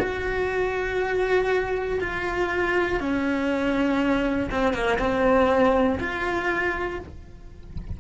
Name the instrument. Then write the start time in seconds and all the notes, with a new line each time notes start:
cello
0.00 F#4
2.01 F4
3.00 C#4
4.51 C4
4.74 A#3
4.99 C4
6.00 F4